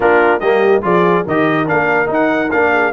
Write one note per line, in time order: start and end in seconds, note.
0.00 0.40 A#3
0.00 0.41 D4
0.00 0.40 F4
0.00 0.40 A#4
0.40 0.82 G3
0.40 0.82 A#3
0.40 0.81 G4
0.40 0.81 D#5
0.82 1.25 F3
0.82 1.24 F4
0.82 1.25 G#4
0.82 1.26 D5
1.25 1.68 D#3
1.25 1.66 G4
1.25 2.72 A#4
1.25 1.68 D#5
1.66 2.09 A#3
1.66 2.06 D4
1.66 2.10 F5
2.06 2.48 D#4
2.06 2.51 D#4
2.13 2.51 F#5
2.51 2.92 A#3
2.51 2.92 D4
2.51 2.92 F5
2.72 2.92 G#4